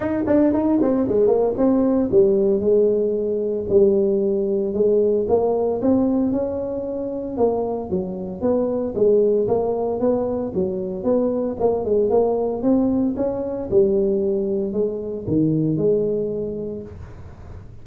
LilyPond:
\new Staff \with { instrumentName = "tuba" } { \time 4/4 \tempo 4 = 114 dis'8 d'8 dis'8 c'8 gis8 ais8 c'4 | g4 gis2 g4~ | g4 gis4 ais4 c'4 | cis'2 ais4 fis4 |
b4 gis4 ais4 b4 | fis4 b4 ais8 gis8 ais4 | c'4 cis'4 g2 | gis4 dis4 gis2 | }